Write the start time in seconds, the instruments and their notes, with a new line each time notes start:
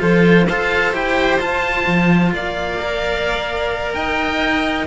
0.00 cello F3 F4, violin A4, oboe C5
0.47 cello F4 A4, violin C5, oboe F5
0.93 cello E4 G4, oboe G5
1.40 cello F4, oboe A5
1.87 cello F3
2.34 cello A#3, violin D5, oboe F5
2.80 cello A#4
3.94 cello D#4, violin D#5, oboe G5